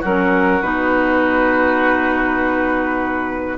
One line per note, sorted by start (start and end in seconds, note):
0.00 0.62 F#3
0.00 0.62 C#4
0.00 3.56 F#4
0.00 0.62 A#4
0.62 3.58 B2
0.62 3.58 D#4
0.62 3.58 B4